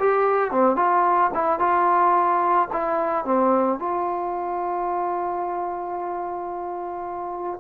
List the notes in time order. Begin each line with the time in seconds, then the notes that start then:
0.00 G4
0.52 C4
0.77 F4
1.34 E4
1.60 F4
2.73 E4
3.25 C4
3.80 F4